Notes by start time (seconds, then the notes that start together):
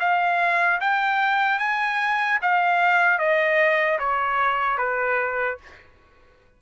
0.00 F5
0.81 G5
1.59 G#5
2.42 F5
3.19 D#5
3.99 C#5
4.78 B4